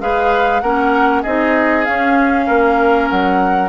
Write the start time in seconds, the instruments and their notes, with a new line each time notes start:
0.00 bassoon G#3, clarinet G#4, oboe B4, flute F5
0.60 bassoon A#3, clarinet C#4, oboe A#4, flute F#5
1.22 bassoon C4, clarinet D#4, oboe G#4, flute D#5
1.85 clarinet C#4, bassoon C#4, flute F5
2.47 bassoon A#3, oboe A#4
3.09 bassoon F#3, flute F#5